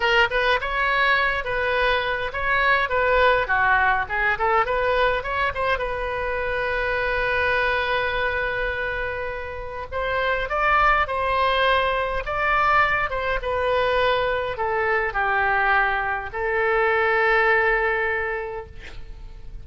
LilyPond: \new Staff \with { instrumentName = "oboe" } { \time 4/4 \tempo 4 = 103 ais'8 b'8 cis''4. b'4. | cis''4 b'4 fis'4 gis'8 a'8 | b'4 cis''8 c''8 b'2~ | b'1~ |
b'4 c''4 d''4 c''4~ | c''4 d''4. c''8 b'4~ | b'4 a'4 g'2 | a'1 | }